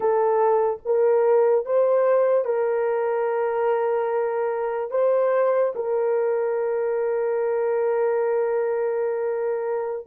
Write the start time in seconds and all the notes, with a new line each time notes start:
0.00 A4
0.85 A#4
1.65 C5
2.44 A#4
4.91 C5
5.75 A#4